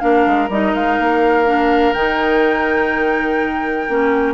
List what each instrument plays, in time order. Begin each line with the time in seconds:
0.00 bassoon A#3, clarinet D4, oboe A#4, flute F5
0.26 bassoon G#3
0.49 bassoon G3, clarinet D#4, flute D#5
0.74 bassoon G#3, flute F5
0.99 bassoon A#3
1.46 clarinet D4
1.93 bassoon D#3, clarinet D#4, flute G5
3.88 bassoon A#3, clarinet C#4